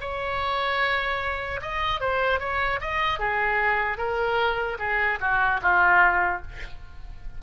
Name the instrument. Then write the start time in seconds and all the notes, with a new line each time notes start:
oboe
0.00 C#5
1.61 D#5
2.00 C5
2.39 C#5
2.80 D#5
3.19 G#4
3.97 A#4
4.78 G#4
5.20 F#4
5.62 F4